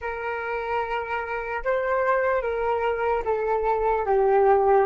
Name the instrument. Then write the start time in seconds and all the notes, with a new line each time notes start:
flute
0.01 A#4
1.64 C5
2.41 A#4
3.24 A4
4.05 G4